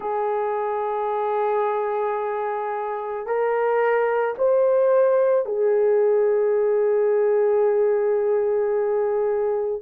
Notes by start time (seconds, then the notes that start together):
0.00 G#4
3.26 A#4
4.38 C5
5.45 G#4